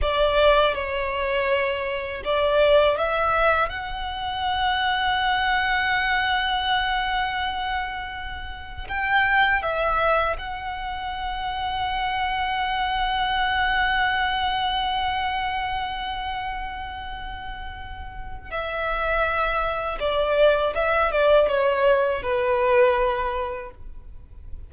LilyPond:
\new Staff \with { instrumentName = "violin" } { \time 4/4 \tempo 4 = 81 d''4 cis''2 d''4 | e''4 fis''2.~ | fis''1 | g''4 e''4 fis''2~ |
fis''1~ | fis''1~ | fis''4 e''2 d''4 | e''8 d''8 cis''4 b'2 | }